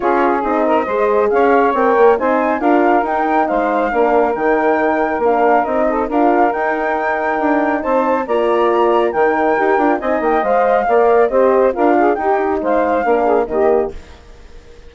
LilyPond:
<<
  \new Staff \with { instrumentName = "flute" } { \time 4/4 \tempo 4 = 138 cis''4 dis''2 f''4 | g''4 gis''4 f''4 g''4 | f''2 g''2 | f''4 dis''4 f''4 g''4~ |
g''2 a''4 ais''4~ | ais''4 g''2 gis''8 g''8 | f''2 dis''4 f''4 | g''4 f''2 dis''4 | }
  \new Staff \with { instrumentName = "saxophone" } { \time 4/4 gis'4. ais'8 c''4 cis''4~ | cis''4 c''4 ais'2 | c''4 ais'2.~ | ais'4. a'8 ais'2~ |
ais'2 c''4 d''4~ | d''4 ais'2 dis''4~ | dis''4 d''4 c''4 ais'8 gis'8 | g'4 c''4 ais'8 gis'8 g'4 | }
  \new Staff \with { instrumentName = "horn" } { \time 4/4 f'4 dis'4 gis'2 | ais'4 dis'4 f'4 dis'4~ | dis'4 d'4 dis'2 | d'4 dis'4 f'4 dis'4~ |
dis'2. f'4~ | f'4 dis'4 g'8 f'8 dis'4 | c''4 ais'4 g'4 f'4 | dis'2 d'4 ais4 | }
  \new Staff \with { instrumentName = "bassoon" } { \time 4/4 cis'4 c'4 gis4 cis'4 | c'8 ais8 c'4 d'4 dis'4 | gis4 ais4 dis2 | ais4 c'4 d'4 dis'4~ |
dis'4 d'4 c'4 ais4~ | ais4 dis4 dis'8 d'8 c'8 ais8 | gis4 ais4 c'4 d'4 | dis'4 gis4 ais4 dis4 | }
>>